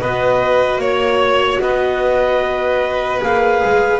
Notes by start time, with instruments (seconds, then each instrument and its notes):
0.00 double bass B3, viola F#4, violin B4, clarinet D#5
0.78 double bass A#3, violin C#5, clarinet C#5
1.61 double bass B3, violin B4, clarinet D#5
3.21 double bass A#3, viola G#4, clarinet F5
3.64 double bass G#3